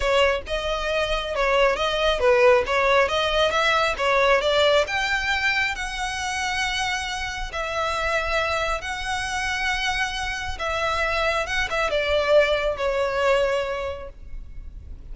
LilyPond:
\new Staff \with { instrumentName = "violin" } { \time 4/4 \tempo 4 = 136 cis''4 dis''2 cis''4 | dis''4 b'4 cis''4 dis''4 | e''4 cis''4 d''4 g''4~ | g''4 fis''2.~ |
fis''4 e''2. | fis''1 | e''2 fis''8 e''8 d''4~ | d''4 cis''2. | }